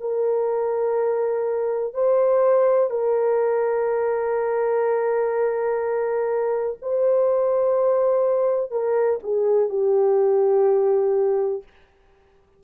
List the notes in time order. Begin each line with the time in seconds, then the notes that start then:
0.00 A#4
1.94 C5
2.90 A#4
6.82 C5
8.71 A#4
9.23 G#4
9.70 G4